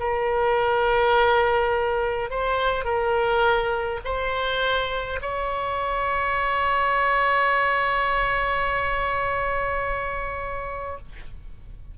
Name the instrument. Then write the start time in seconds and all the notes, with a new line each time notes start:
oboe
0.00 A#4
2.30 C5
2.85 A#4
4.05 C5
5.21 C#5